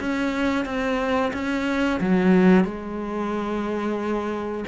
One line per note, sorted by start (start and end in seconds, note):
0.00 0.65 C#4
0.65 1.32 C4
1.34 2.00 C#4
2.01 2.65 F#3
2.65 4.65 G#3